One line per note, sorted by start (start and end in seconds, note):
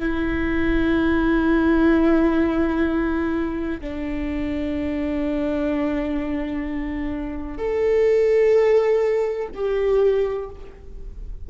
0.00 3.81 E4
3.81 7.58 D4
7.58 9.48 A4
9.55 10.50 G4